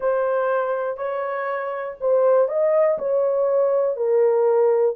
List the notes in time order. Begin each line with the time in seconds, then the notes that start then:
0.00 C5
0.97 C#5
2.00 C5
2.48 D#5
2.98 C#5
3.96 A#4